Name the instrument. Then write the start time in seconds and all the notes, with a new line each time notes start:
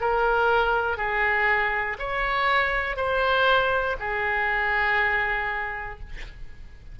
oboe
0.00 A#4
0.97 G#4
1.98 C#5
2.96 C5
3.99 G#4